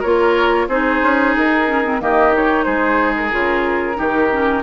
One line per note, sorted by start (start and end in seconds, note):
0.00 0.68 A#3
0.00 0.70 F4
0.00 0.66 A#4
0.00 0.68 C#5
0.68 1.01 C4
0.68 1.67 D#4
0.68 2.01 G#4
0.68 1.35 C5
1.02 1.35 C#4
1.37 2.01 D#4
1.37 2.02 A#4
1.67 1.84 C#4
1.84 2.00 C4
2.00 2.66 D#3
2.00 2.33 A#3
2.00 2.65 G4
2.00 2.35 D#5
2.33 3.31 D#4
2.33 2.63 C#5
2.63 3.32 G#3
2.63 3.97 G#4
2.63 3.13 C5
3.16 4.63 A#4
3.31 3.99 C#3
3.31 3.95 F4
3.95 4.63 D#3
3.95 4.27 D#4
3.95 4.63 G4
4.31 4.63 C#4